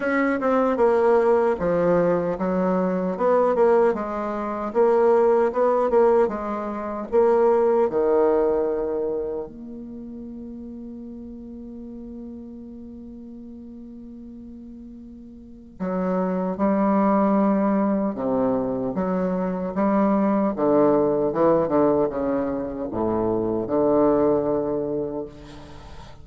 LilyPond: \new Staff \with { instrumentName = "bassoon" } { \time 4/4 \tempo 4 = 76 cis'8 c'8 ais4 f4 fis4 | b8 ais8 gis4 ais4 b8 ais8 | gis4 ais4 dis2 | ais1~ |
ais1 | fis4 g2 c4 | fis4 g4 d4 e8 d8 | cis4 a,4 d2 | }